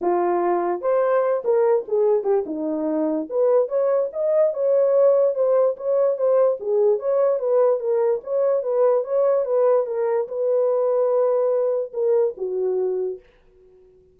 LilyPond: \new Staff \with { instrumentName = "horn" } { \time 4/4 \tempo 4 = 146 f'2 c''4. ais'8~ | ais'8 gis'4 g'8 dis'2 | b'4 cis''4 dis''4 cis''4~ | cis''4 c''4 cis''4 c''4 |
gis'4 cis''4 b'4 ais'4 | cis''4 b'4 cis''4 b'4 | ais'4 b'2.~ | b'4 ais'4 fis'2 | }